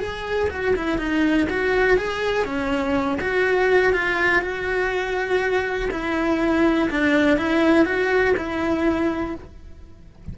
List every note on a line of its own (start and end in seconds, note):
0.00 0.49 G#4
0.50 0.75 F#4
0.76 0.99 E4
0.99 1.48 D#4
1.50 1.98 F#4
1.98 2.45 G#4
2.45 3.19 C#4
3.21 3.93 F#4
3.93 4.42 F4
4.42 5.90 F#4
5.91 6.90 E4
6.91 7.38 D4
7.38 7.85 E4
7.85 8.35 F#4
8.37 9.36 E4